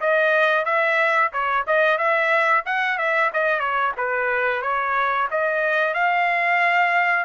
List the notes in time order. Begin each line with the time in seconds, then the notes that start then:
0.00 D#5
0.65 E5
1.32 C#5
1.67 D#5
1.98 E5
2.65 F#5
2.98 E5
3.33 D#5
3.59 C#5
3.97 B4
4.62 C#5
5.30 D#5
5.94 F5